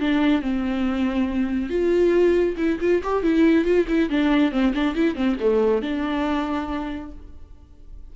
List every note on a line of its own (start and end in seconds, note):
0.00 0.42 D4
0.42 1.70 C4
1.70 2.56 F4
2.57 2.79 E4
2.80 3.02 F4
3.03 3.23 G4
3.23 3.65 E4
3.65 3.87 F4
3.88 4.10 E4
4.10 4.52 D4
4.52 4.73 C4
4.74 4.95 D4
4.95 5.15 E4
5.15 5.37 C4
5.40 5.82 A3
5.82 7.11 D4